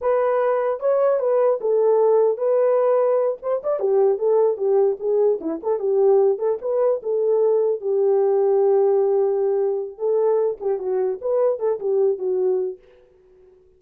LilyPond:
\new Staff \with { instrumentName = "horn" } { \time 4/4 \tempo 4 = 150 b'2 cis''4 b'4 | a'2 b'2~ | b'8 c''8 d''8 g'4 a'4 g'8~ | g'8 gis'4 e'8 a'8 g'4. |
a'8 b'4 a'2 g'8~ | g'1~ | g'4 a'4. g'8 fis'4 | b'4 a'8 g'4 fis'4. | }